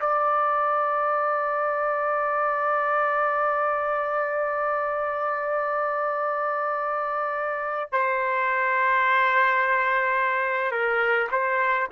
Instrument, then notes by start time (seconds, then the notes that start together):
trumpet
0.00 D5
7.92 C5
10.71 A#4
11.32 C5